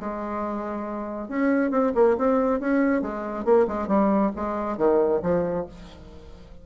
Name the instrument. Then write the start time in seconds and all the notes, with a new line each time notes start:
bassoon
0.00 G#3
1.29 C#4
1.71 C4
1.95 A#3
2.18 C4
2.61 C#4
3.02 G#3
3.45 A#3
3.68 G#3
3.88 G3
4.36 G#3
4.78 D#3
5.23 F3